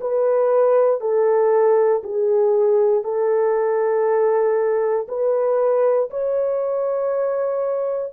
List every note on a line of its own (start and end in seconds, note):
0.00 1.00 B4
1.00 2.02 A4
2.03 3.03 G#4
3.03 5.07 A4
5.08 6.09 B4
6.10 8.13 C#5